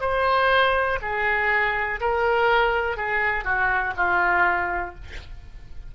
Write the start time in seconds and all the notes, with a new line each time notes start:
0.00 C5
1.01 G#4
2.00 A#4
2.96 G#4
3.44 F#4
3.96 F4